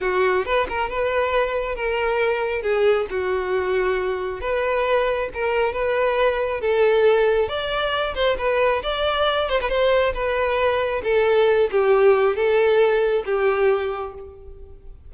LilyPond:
\new Staff \with { instrumentName = "violin" } { \time 4/4 \tempo 4 = 136 fis'4 b'8 ais'8 b'2 | ais'2 gis'4 fis'4~ | fis'2 b'2 | ais'4 b'2 a'4~ |
a'4 d''4. c''8 b'4 | d''4. c''16 b'16 c''4 b'4~ | b'4 a'4. g'4. | a'2 g'2 | }